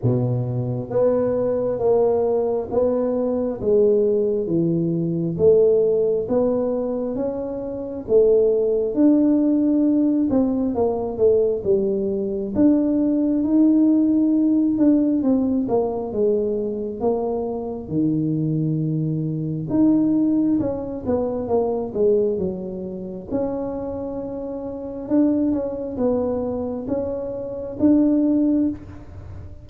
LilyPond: \new Staff \with { instrumentName = "tuba" } { \time 4/4 \tempo 4 = 67 b,4 b4 ais4 b4 | gis4 e4 a4 b4 | cis'4 a4 d'4. c'8 | ais8 a8 g4 d'4 dis'4~ |
dis'8 d'8 c'8 ais8 gis4 ais4 | dis2 dis'4 cis'8 b8 | ais8 gis8 fis4 cis'2 | d'8 cis'8 b4 cis'4 d'4 | }